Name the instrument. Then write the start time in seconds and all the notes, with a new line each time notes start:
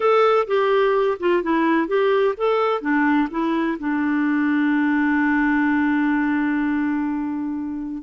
clarinet
0.00 A4
0.47 G4
1.19 F4
1.42 E4
1.87 G4
2.37 A4
2.81 D4
3.30 E4
3.79 D4